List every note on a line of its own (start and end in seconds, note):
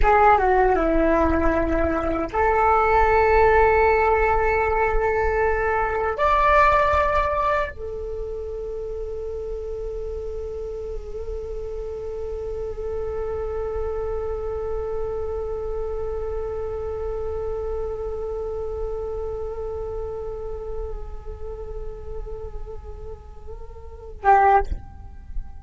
0.02 0.37 G#4
0.37 0.75 F#4
0.75 2.29 E4
2.33 6.17 A4
6.17 7.70 D5
7.70 24.23 A4
24.23 24.62 G4